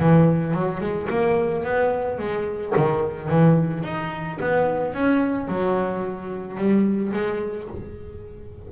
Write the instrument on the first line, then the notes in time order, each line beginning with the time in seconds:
double bass
0.00 E3
0.54 F#3
0.81 G#3
1.10 A#3
1.64 B3
2.19 G#3
2.77 D#3
3.30 E3
3.84 D#4
4.41 B3
4.94 C#4
5.48 F#3
6.58 G3
7.14 G#3